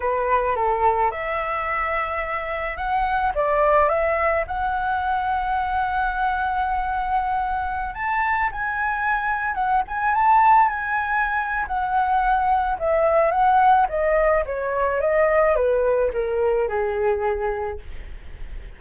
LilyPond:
\new Staff \with { instrumentName = "flute" } { \time 4/4 \tempo 4 = 108 b'4 a'4 e''2~ | e''4 fis''4 d''4 e''4 | fis''1~ | fis''2~ fis''16 a''4 gis''8.~ |
gis''4~ gis''16 fis''8 gis''8 a''4 gis''8.~ | gis''4 fis''2 e''4 | fis''4 dis''4 cis''4 dis''4 | b'4 ais'4 gis'2 | }